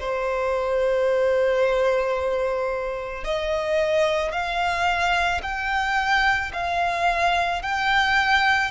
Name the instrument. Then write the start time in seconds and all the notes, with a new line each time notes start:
violin
0.00 C5
3.24 D#5
4.32 F5
5.43 G5
6.53 F5
7.62 G5